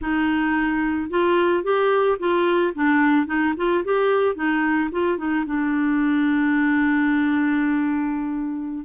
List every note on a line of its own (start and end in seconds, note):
0.01 1.10 D#4
1.10 1.63 F4
1.63 2.18 G4
2.19 2.73 F4
2.74 3.26 D4
3.26 3.53 D#4
3.56 3.84 F4
3.84 4.35 G4
4.35 4.89 D#4
4.91 5.17 F4
5.17 5.44 D#4
5.46 8.85 D4